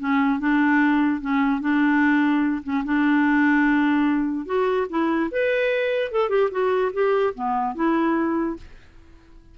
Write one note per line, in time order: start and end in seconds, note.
0.00 0.40 C#4
0.40 1.21 D4
1.21 1.61 C#4
1.61 2.63 D4
2.64 2.84 C#4
2.85 4.47 D4
4.47 4.87 F#4
4.90 5.31 E4
5.32 6.12 B4
6.12 6.30 A4
6.30 6.50 G4
6.51 6.92 F#4
6.94 7.34 G4
7.35 7.76 B3
7.76 8.57 E4